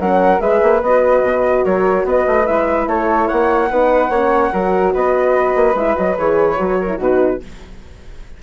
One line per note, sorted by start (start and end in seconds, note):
0.00 0.40 F#3
0.00 0.39 C#4
0.00 0.42 A#4
0.00 0.41 F#5
0.39 0.61 G#3
0.39 0.80 G#4
0.39 1.65 B4
0.39 0.82 E5
0.63 0.82 A#3
0.82 1.23 B3
0.82 2.46 F#4
0.82 1.65 D#5
1.23 1.64 B2
1.65 2.05 F#3
1.65 2.06 A#4
1.65 2.06 C#5
2.05 2.25 B3
2.05 2.88 B4
2.05 2.47 D#5
2.27 2.48 A3
2.46 2.87 G#3
2.46 3.69 E4
2.46 2.88 E5
2.87 3.28 A3
2.87 3.28 A4
2.87 3.28 C#5
3.28 3.71 A#3
3.28 3.69 C#5
3.28 4.93 F#5
3.70 4.09 B3
3.70 4.12 D#4
3.70 4.10 B4
4.09 4.51 A#3
4.09 4.53 C#4
4.09 4.51 C#5
4.52 4.95 F#3
4.52 5.76 F#4
4.52 4.93 A#4
4.93 5.56 B3
4.93 6.79 B4
4.93 5.76 D#5
5.56 5.75 A#3
5.75 5.95 G#3
5.75 5.96 E4
5.75 5.97 E5
5.96 6.18 F#3
5.96 6.16 F#4
5.96 6.18 D#5
6.18 6.59 E3
6.18 6.56 G#4
6.18 7.00 C#5
6.56 6.99 F#3
6.56 6.87 F#4
6.80 6.97 A#4
6.88 6.98 E4
6.97 7.40 B2
6.97 7.42 D#4
6.97 7.38 F#4
6.97 7.43 B4